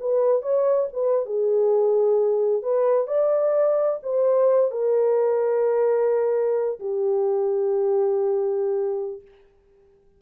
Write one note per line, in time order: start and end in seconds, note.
0.00 0.42 B4
0.42 0.88 C#5
0.93 1.25 B4
1.25 2.62 G#4
2.62 3.07 B4
3.07 4.00 D5
4.03 4.71 C5
4.71 6.79 A#4
6.80 9.22 G4